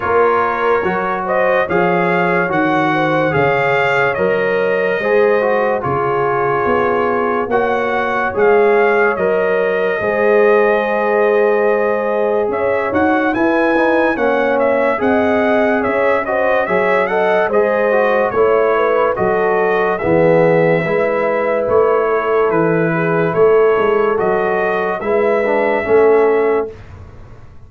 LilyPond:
<<
  \new Staff \with { instrumentName = "trumpet" } { \time 4/4 \tempo 4 = 72 cis''4. dis''8 f''4 fis''4 | f''4 dis''2 cis''4~ | cis''4 fis''4 f''4 dis''4~ | dis''2. e''8 fis''8 |
gis''4 fis''8 e''8 fis''4 e''8 dis''8 | e''8 fis''8 dis''4 cis''4 dis''4 | e''2 cis''4 b'4 | cis''4 dis''4 e''2 | }
  \new Staff \with { instrumentName = "horn" } { \time 4/4 ais'4. c''8 cis''4. c''8 | cis''2 c''4 gis'4~ | gis'4 cis''2. | c''2. cis''4 |
b'4 cis''4 dis''4 cis''8 c''8 | cis''8 dis''8 c''4 cis''8 b'8 a'4 | gis'4 b'4. a'4 gis'8 | a'2 b'4 a'4 | }
  \new Staff \with { instrumentName = "trombone" } { \time 4/4 f'4 fis'4 gis'4 fis'4 | gis'4 ais'4 gis'8 fis'8 f'4~ | f'4 fis'4 gis'4 ais'4 | gis'2.~ gis'8 fis'8 |
e'8 dis'8 cis'4 gis'4. fis'8 | gis'8 a'8 gis'8 fis'8 e'4 fis'4 | b4 e'2.~ | e'4 fis'4 e'8 d'8 cis'4 | }
  \new Staff \with { instrumentName = "tuba" } { \time 4/4 ais4 fis4 f4 dis4 | cis4 fis4 gis4 cis4 | b4 ais4 gis4 fis4 | gis2. cis'8 dis'8 |
e'4 ais4 c'4 cis'4 | fis4 gis4 a4 fis4 | e4 gis4 a4 e4 | a8 gis8 fis4 gis4 a4 | }
>>